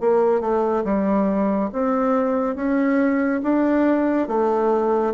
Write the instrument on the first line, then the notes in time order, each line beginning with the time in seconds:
bassoon
0.00 A#3
0.41 A3
0.84 G3
1.72 C4
2.55 C#4
3.42 D4
4.27 A3